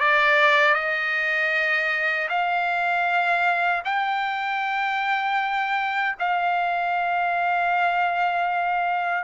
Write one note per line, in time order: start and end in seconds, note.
0.00 0.74 D5
0.74 2.28 D#5
2.29 3.83 F5
3.85 6.15 G5
6.19 9.23 F5